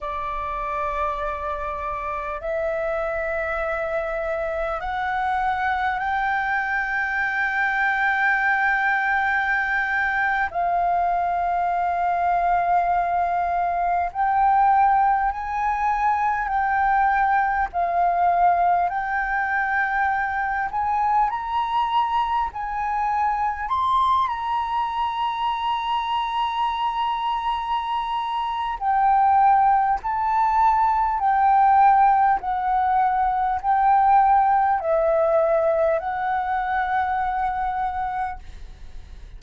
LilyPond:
\new Staff \with { instrumentName = "flute" } { \time 4/4 \tempo 4 = 50 d''2 e''2 | fis''4 g''2.~ | g''8. f''2. g''16~ | g''8. gis''4 g''4 f''4 g''16~ |
g''4~ g''16 gis''8 ais''4 gis''4 c'''16~ | c'''16 ais''2.~ ais''8. | g''4 a''4 g''4 fis''4 | g''4 e''4 fis''2 | }